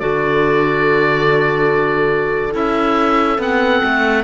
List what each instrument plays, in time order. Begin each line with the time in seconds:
0.00 cello D3, clarinet F#4, horn A4, oboe D5
2.53 cello C#4, clarinet E4, oboe E5
3.39 cello B3, clarinet C4, oboe F#5
3.84 cello A3